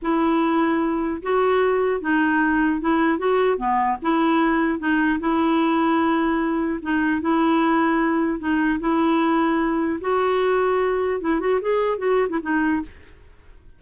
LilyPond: \new Staff \with { instrumentName = "clarinet" } { \time 4/4 \tempo 4 = 150 e'2. fis'4~ | fis'4 dis'2 e'4 | fis'4 b4 e'2 | dis'4 e'2.~ |
e'4 dis'4 e'2~ | e'4 dis'4 e'2~ | e'4 fis'2. | e'8 fis'8 gis'4 fis'8. e'16 dis'4 | }